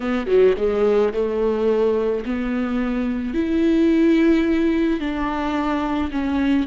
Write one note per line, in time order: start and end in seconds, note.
0.00 0.26 B3
0.26 0.54 F#3
0.57 1.12 G#3
1.13 2.24 A3
2.25 3.34 B3
3.34 4.99 E4
4.99 6.11 D4
6.11 6.67 C#4